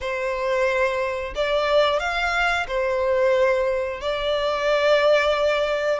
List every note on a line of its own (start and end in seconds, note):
0.00 1.34 C5
1.35 1.99 D5
1.99 2.66 F5
2.67 4.00 C5
4.00 5.99 D5